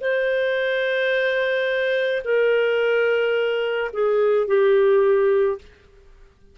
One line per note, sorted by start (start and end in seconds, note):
0.00 2.22 C5
2.24 3.90 A#4
3.92 4.47 G#4
4.47 5.58 G4